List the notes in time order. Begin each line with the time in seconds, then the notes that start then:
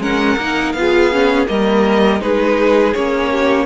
0.00 G#3 C#4 A#4 F#5
0.38 A#3 D#4
0.73 B3 F4 F5
0.80 G#4
1.12 C#4
1.47 G3 A#3 A#4 D#5
2.21 G#3 D#4 G#4 B4
2.94 A#3 C#4 C#5
3.31 G4